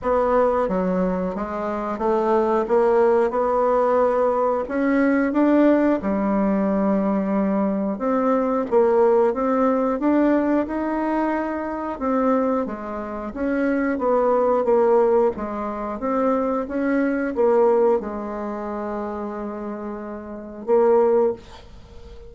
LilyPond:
\new Staff \with { instrumentName = "bassoon" } { \time 4/4 \tempo 4 = 90 b4 fis4 gis4 a4 | ais4 b2 cis'4 | d'4 g2. | c'4 ais4 c'4 d'4 |
dis'2 c'4 gis4 | cis'4 b4 ais4 gis4 | c'4 cis'4 ais4 gis4~ | gis2. ais4 | }